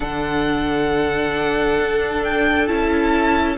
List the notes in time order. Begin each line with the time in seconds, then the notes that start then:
0.00 D3 D4 A4 F#5
1.79 D4
2.24 G5
2.67 C#4 E4 A5